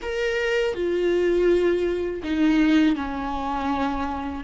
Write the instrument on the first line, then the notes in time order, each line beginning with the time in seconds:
viola
0.02 A#4
0.74 F4
2.23 D#4
2.95 C#4